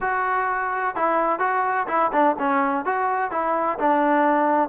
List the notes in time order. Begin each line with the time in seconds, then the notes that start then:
0.01 F#4
0.95 E4
1.39 F#4
1.87 E4
2.12 D4
2.38 C#4
2.85 F#4
3.31 E4
3.79 D4